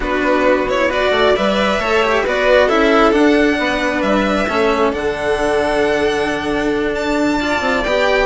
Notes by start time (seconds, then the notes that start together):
0.00 B3 D4 F#4 B4
0.68 E4 C#5
0.88 F#4 B4 D5
1.11 A3 D5
1.36 G3 B4 E5
1.78 A3 A4 C#5
2.02 G4
2.23 B3 F#4 B4 D5
2.66 C#4 E4 A4 E5
3.12 D4 F#5
3.58 B3 B4
4.01 G3 E5
4.47 A3 C#4 A4
4.92 D3 D4 F#5
6.94 D4 A5
7.39 F4 D5
7.60 C4
7.83 B3 G4 G5